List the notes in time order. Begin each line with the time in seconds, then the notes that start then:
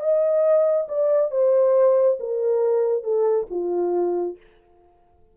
0.00 D#5
0.88 D5
1.31 C5
2.20 A#4
3.03 A4
3.50 F4